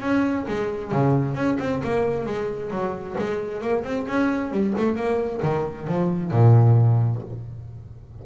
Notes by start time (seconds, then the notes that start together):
0.00 C#4
0.47 G#3
0.91 C#3
1.34 C#4
1.59 C4
1.83 A#3
2.25 G#3
2.70 F#3
3.18 G#3
3.61 A#3
3.83 C4
4.07 C#4
4.51 G3
4.77 A3
4.95 A#3
5.42 D#3
5.87 F3
6.31 A#2